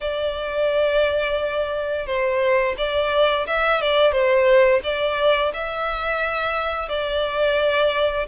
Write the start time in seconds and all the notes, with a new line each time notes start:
0.00 D5
2.06 C5
2.77 D5
3.46 E5
3.81 D5
4.12 C5
4.83 D5
5.53 E5
6.88 D5